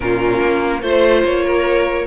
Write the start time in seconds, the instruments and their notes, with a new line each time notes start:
0.00 cello A#2, viola C#4, violin F4 A#4
0.41 cello A#3
0.81 cello A3, viola F4, violin C5
1.24 cello A#3, violin C#5
1.43 violin A#4